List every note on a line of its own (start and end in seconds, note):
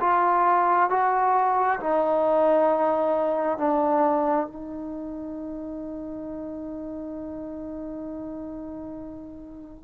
0.00 0.90 F4
0.90 1.79 F#4
1.80 3.58 D#4
3.58 4.47 D4
4.47 9.83 D#4